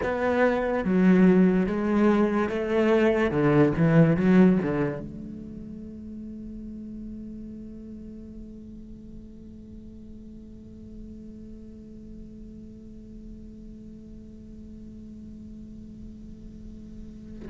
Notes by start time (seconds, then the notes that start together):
0.02 B3
0.84 F#3
1.66 G#3
2.49 A3
3.30 D3
3.77 E3
4.16 F#3
4.62 D3
4.99 A3